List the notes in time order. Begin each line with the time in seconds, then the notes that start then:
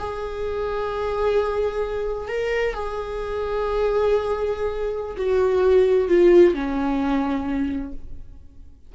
0.00 G#4
2.28 A#4
2.75 G#4
5.18 F#4
6.09 F4
6.55 C#4